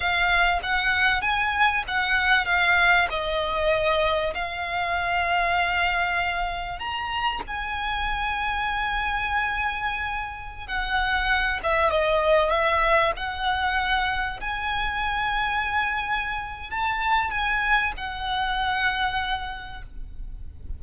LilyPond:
\new Staff \with { instrumentName = "violin" } { \time 4/4 \tempo 4 = 97 f''4 fis''4 gis''4 fis''4 | f''4 dis''2 f''4~ | f''2. ais''4 | gis''1~ |
gis''4~ gis''16 fis''4. e''8 dis''8.~ | dis''16 e''4 fis''2 gis''8.~ | gis''2. a''4 | gis''4 fis''2. | }